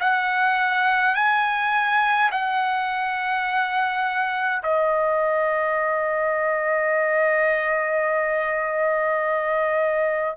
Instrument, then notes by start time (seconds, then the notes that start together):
trumpet
0.00 F#5
1.15 G#5
2.32 F#5
4.63 D#5